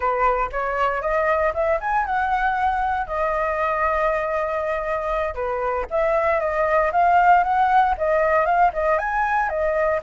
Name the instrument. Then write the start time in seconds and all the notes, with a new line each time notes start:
flute
0.00 B4
0.52 C#5
1.01 D#5
1.54 E5
1.80 G#5
2.05 F#5
3.07 D#5
5.34 B4
5.90 E5
6.40 D#5
6.92 F5
7.43 F#5
7.97 D#5
8.45 F5
8.73 D#5
8.98 G#5
9.49 D#5